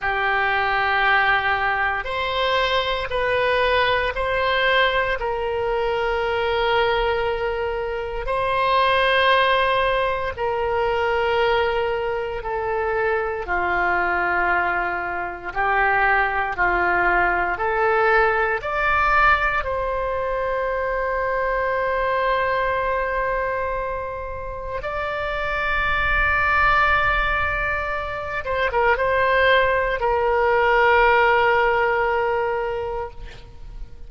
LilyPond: \new Staff \with { instrumentName = "oboe" } { \time 4/4 \tempo 4 = 58 g'2 c''4 b'4 | c''4 ais'2. | c''2 ais'2 | a'4 f'2 g'4 |
f'4 a'4 d''4 c''4~ | c''1 | d''2.~ d''8 c''16 ais'16 | c''4 ais'2. | }